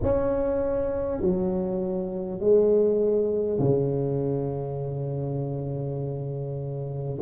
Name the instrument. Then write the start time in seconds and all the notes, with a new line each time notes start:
tuba
0.02 C#4
1.21 F#3
2.39 G#3
3.58 C#3